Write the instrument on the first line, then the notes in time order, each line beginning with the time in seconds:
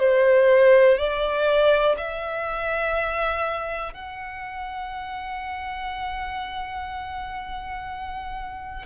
violin
0.00 C5
0.98 D5
1.98 E5
3.94 F#5